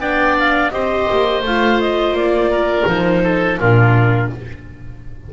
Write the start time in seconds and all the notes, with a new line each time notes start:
0.00 B3 D4 D5 G5
0.39 F5
0.71 C4 G4 C5 D#5
1.11 A#3
1.43 A3 F4 F5
1.81 D#5
2.13 A#3 D5
2.51 A#4
2.87 F3 D#4 C5
3.24 A4
3.59 A#2 D4 F4 A#4